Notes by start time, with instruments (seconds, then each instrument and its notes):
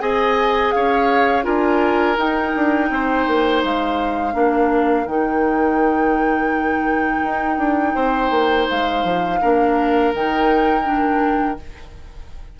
0.00 bassoon C4, clarinet G#4, oboe D#5, flute G#5
0.72 bassoon C#4, oboe C#5, flute F5
1.43 bassoon D4, clarinet F4, oboe A#4, flute G#5
2.17 bassoon D#4, clarinet D#4, flute G5
2.56 bassoon D4
2.90 bassoon C4, oboe C5
3.27 bassoon A#3
3.64 bassoon G#3, flute F5
4.33 bassoon A#3, clarinet D4, oboe A#4
5.06 bassoon D#3, clarinet D#4, flute G5
7.24 bassoon D#4
7.58 bassoon D4
7.95 bassoon C4, oboe C5
8.31 bassoon A#3
8.69 bassoon G#3, flute F5
9.04 bassoon F3
9.41 bassoon A#3, clarinet D4, oboe A#4
10.14 bassoon D#3, clarinet D#4, flute G5
10.84 clarinet D4